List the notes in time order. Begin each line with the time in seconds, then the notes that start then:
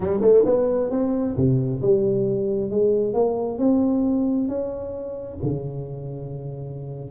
0.00 G3
0.21 A3
0.45 B3
0.90 C4
1.36 C3
1.81 G3
2.70 G#3
3.13 A#3
3.58 C4
4.48 C#4
5.43 C#3